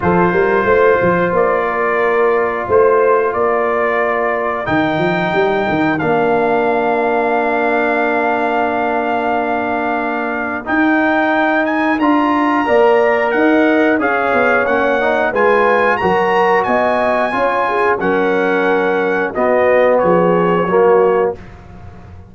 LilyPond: <<
  \new Staff \with { instrumentName = "trumpet" } { \time 4/4 \tempo 4 = 90 c''2 d''2 | c''4 d''2 g''4~ | g''4 f''2.~ | f''1 |
g''4. gis''8 ais''2 | fis''4 f''4 fis''4 gis''4 | ais''4 gis''2 fis''4~ | fis''4 dis''4 cis''2 | }
  \new Staff \with { instrumentName = "horn" } { \time 4/4 a'8 ais'8 c''4. ais'4. | c''4 ais'2.~ | ais'1~ | ais'1~ |
ais'2. d''4 | dis''4 cis''2 b'4 | ais'4 dis''4 cis''8 gis'8 ais'4~ | ais'4 fis'4 gis'4 fis'4 | }
  \new Staff \with { instrumentName = "trombone" } { \time 4/4 f'1~ | f'2. dis'4~ | dis'4 d'2.~ | d'1 |
dis'2 f'4 ais'4~ | ais'4 gis'4 cis'8 dis'8 f'4 | fis'2 f'4 cis'4~ | cis'4 b2 ais4 | }
  \new Staff \with { instrumentName = "tuba" } { \time 4/4 f8 g8 a8 f8 ais2 | a4 ais2 dis8 f8 | g8 dis8 ais2.~ | ais1 |
dis'2 d'4 ais4 | dis'4 cis'8 b8 ais4 gis4 | fis4 b4 cis'4 fis4~ | fis4 b4 f4 fis4 | }
>>